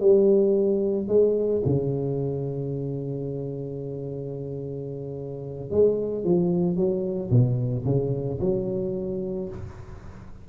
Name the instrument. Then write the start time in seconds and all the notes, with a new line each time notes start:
tuba
0.00 G3
1.08 G#3
1.65 C#3
5.70 G#3
6.24 F3
6.76 F#3
7.30 B2
7.85 C#3
8.40 F#3